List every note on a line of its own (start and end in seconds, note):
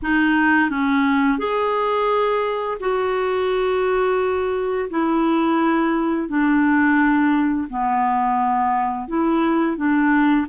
0.02 0.70 D#4
0.70 1.38 C#4
1.38 2.77 G#4
2.79 4.89 F#4
4.90 6.28 E4
6.28 7.68 D4
7.69 9.07 B3
9.07 9.76 E4
9.76 10.46 D4